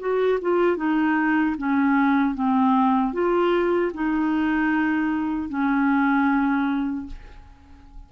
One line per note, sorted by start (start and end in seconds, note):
0.00 0.39 F#4
0.42 0.77 F4
0.77 1.56 D#4
1.58 2.35 C#4
2.35 3.13 C4
3.13 3.92 F4
3.94 5.49 D#4
5.49 7.07 C#4